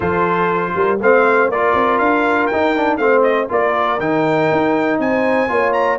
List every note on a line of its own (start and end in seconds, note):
0.00 0.73 F3
0.00 0.98 F4
0.00 0.72 A4
0.00 1.00 C5
0.75 1.00 G3
0.75 1.01 A#4
1.00 1.48 A3
1.00 1.52 C4
1.00 1.51 C5
1.00 1.51 F5
1.48 1.73 A#3
1.48 2.52 F4
1.48 2.99 A#4
1.48 1.98 D5
1.74 1.99 C4
1.98 2.49 D4
1.98 2.47 F5
2.47 2.98 D#4
2.47 2.76 D#4
2.47 2.97 G5
2.76 2.98 D4
2.97 3.48 A3
2.97 3.48 C4
2.97 3.49 C5
2.97 3.22 F5
3.23 3.48 D#5
3.48 3.99 A#3
3.48 3.98 F4
3.48 5.01 A#4
3.48 4.00 D5
3.99 4.49 D#3
3.99 5.48 D#4
3.99 5.00 G5
4.51 4.99 D#4
4.99 5.49 C4
4.99 5.50 C5
4.99 5.72 G#5
5.48 5.99 A#3
5.48 5.98 F4
5.48 5.99 C#5
5.72 5.97 A#5